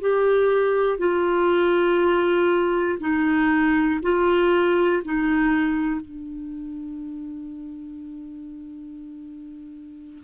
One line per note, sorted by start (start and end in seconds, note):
0.00 0.98 G4
0.98 2.98 F4
3.00 4.00 D#4
4.02 5.02 F4
5.04 6.00 D#4
6.00 10.24 D4